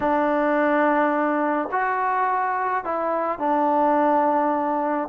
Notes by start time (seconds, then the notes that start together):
0.00 D4
1.71 F#4
2.84 E4
3.38 D4